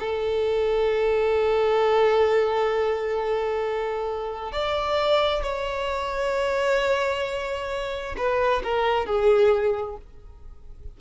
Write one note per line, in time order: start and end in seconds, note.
0.00 4.52 A4
4.52 5.43 D5
5.43 8.16 C#5
8.18 8.63 B4
8.64 9.06 A#4
9.06 9.97 G#4